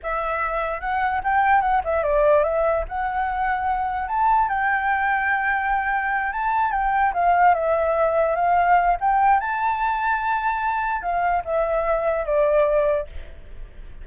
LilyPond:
\new Staff \with { instrumentName = "flute" } { \time 4/4 \tempo 4 = 147 e''2 fis''4 g''4 | fis''8 e''8 d''4 e''4 fis''4~ | fis''2 a''4 g''4~ | g''2.~ g''8 a''8~ |
a''8 g''4 f''4 e''4.~ | e''8 f''4. g''4 a''4~ | a''2. f''4 | e''2 d''2 | }